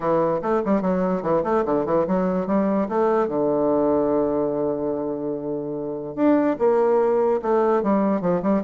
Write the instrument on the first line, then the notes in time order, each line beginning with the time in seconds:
bassoon
0.00 E3
0.41 A3
0.65 G3
0.81 F#3
1.22 E3
1.43 A3
1.65 D3
1.85 E3
2.07 F#3
2.46 G3
2.89 A3
3.27 D3
6.15 D4
6.58 A#3
7.41 A3
7.83 G3
8.21 F3
8.42 G3